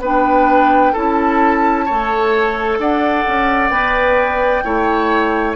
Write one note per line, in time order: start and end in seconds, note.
0.00 0.92 B3
0.00 0.95 D4
0.00 0.92 B4
0.00 0.97 G5
0.92 1.88 C#4
0.92 1.87 E4
0.92 1.85 A4
0.92 2.81 A5
1.85 2.78 A3
1.85 3.70 A4
1.85 2.78 C#5
2.78 3.24 D4
2.78 4.64 D5
2.78 3.69 F#5
3.27 3.70 C#4
3.69 4.62 B3
3.69 4.62 B4
3.69 5.53 G5
4.64 5.55 A3
4.64 5.55 E4
4.64 5.55 C#5